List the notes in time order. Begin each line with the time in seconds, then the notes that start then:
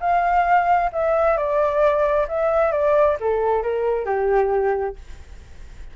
0.00 F5
0.92 E5
1.37 D5
2.28 E5
2.71 D5
3.20 A4
3.62 A#4
4.05 G4